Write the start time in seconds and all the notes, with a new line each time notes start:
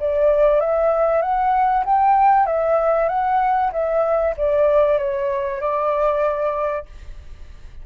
0.00 D5
0.60 E5
1.22 F#5
1.85 G5
2.46 E5
3.09 F#5
3.72 E5
4.37 D5
4.98 C#5
5.61 D5